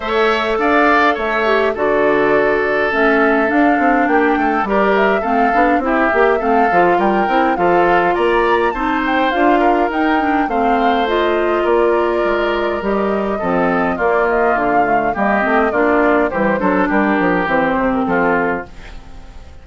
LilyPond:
<<
  \new Staff \with { instrumentName = "flute" } { \time 4/4 \tempo 4 = 103 e''4 f''4 e''4 d''4~ | d''4 e''4 f''4 g''4 | d''8 e''8 f''4 e''4 f''4 | g''4 f''4 ais''4 a''8 g''8 |
f''4 g''4 f''4 dis''4 | d''2 dis''2 | d''8 dis''8 f''4 dis''4 d''4 | c''4 ais'4 c''8. ais'16 a'4 | }
  \new Staff \with { instrumentName = "oboe" } { \time 4/4 cis''4 d''4 cis''4 a'4~ | a'2. g'8 a'8 | ais'4 a'4 g'4 a'4 | ais'4 a'4 d''4 c''4~ |
c''8 ais'4. c''2 | ais'2. a'4 | f'2 g'4 f'4 | g'8 a'8 g'2 f'4 | }
  \new Staff \with { instrumentName = "clarinet" } { \time 4/4 a'2~ a'8 g'8 fis'4~ | fis'4 cis'4 d'2 | g'4 c'8 d'8 e'8 g'8 c'8 f'8~ | f'8 e'8 f'2 dis'4 |
f'4 dis'8 d'8 c'4 f'4~ | f'2 g'4 c'4 | ais4. a8 ais8 c'8 d'4 | g8 d'4. c'2 | }
  \new Staff \with { instrumentName = "bassoon" } { \time 4/4 a4 d'4 a4 d4~ | d4 a4 d'8 c'8 ais8 a8 | g4 a8 b8 c'8 ais8 a8 f8 | g8 c'8 f4 ais4 c'4 |
d'4 dis'4 a2 | ais4 gis4 g4 f4 | ais4 d4 g8 a8 ais4 | e8 fis8 g8 f8 e8 c8 f4 | }
>>